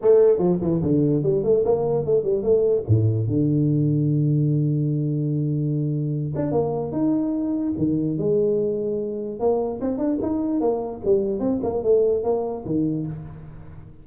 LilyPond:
\new Staff \with { instrumentName = "tuba" } { \time 4/4 \tempo 4 = 147 a4 f8 e8 d4 g8 a8 | ais4 a8 g8 a4 a,4 | d1~ | d2.~ d8 d'8 |
ais4 dis'2 dis4 | gis2. ais4 | c'8 d'8 dis'4 ais4 g4 | c'8 ais8 a4 ais4 dis4 | }